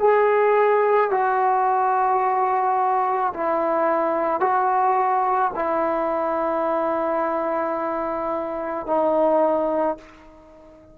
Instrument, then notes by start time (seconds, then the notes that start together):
trombone
0.00 G#4
1.11 F#4
3.34 E4
4.41 F#4
5.56 E4
8.87 D#4